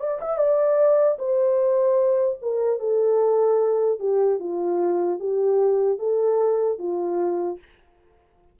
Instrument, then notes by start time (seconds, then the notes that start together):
horn
0.00 D5
0.21 E5
0.38 D5
1.19 C5
2.42 A#4
2.80 A4
4.00 G4
4.40 F4
5.20 G4
5.99 A4
6.79 F4